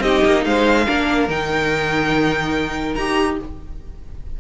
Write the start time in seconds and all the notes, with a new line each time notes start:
0.00 C4 D#4 G4 D#5
0.25 A#3
0.44 G#3 C5 F5
0.85 A#3 D4 A#4
1.28 D#3 D#4 G5
2.95 D#4 G4 A#5